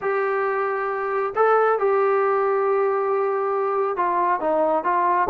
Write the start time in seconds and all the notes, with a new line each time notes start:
0.01 G4
1.35 A4
1.78 G4
3.96 F4
4.40 D#4
4.83 F4